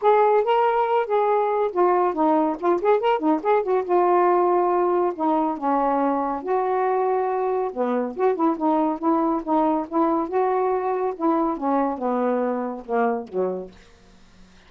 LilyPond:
\new Staff \with { instrumentName = "saxophone" } { \time 4/4 \tempo 4 = 140 gis'4 ais'4. gis'4. | f'4 dis'4 f'8 gis'8 ais'8 dis'8 | gis'8 fis'8 f'2. | dis'4 cis'2 fis'4~ |
fis'2 b4 fis'8 e'8 | dis'4 e'4 dis'4 e'4 | fis'2 e'4 cis'4 | b2 ais4 fis4 | }